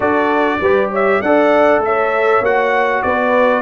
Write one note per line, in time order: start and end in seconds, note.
0.00 0.58 D4
0.00 0.60 F#4
0.00 0.59 A4
0.00 0.91 D5
0.60 1.20 G3
0.60 1.24 G4
0.60 0.90 B4
0.90 1.21 C#5
0.90 1.21 E5
1.21 1.79 D4
1.21 2.44 A4
1.21 1.85 D5
1.21 1.82 F#5
1.79 2.39 A3
1.79 2.45 E5
1.85 3.03 C#5
2.40 3.01 A#3
2.40 3.62 F#4
2.40 3.02 F#5
3.02 3.62 B3
3.02 3.62 B4
3.02 3.62 D5